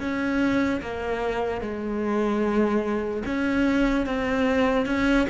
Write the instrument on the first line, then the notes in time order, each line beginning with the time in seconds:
cello
0.00 C#4
0.81 A#3
1.61 G#3
3.25 C#4
4.06 C4
4.86 C#4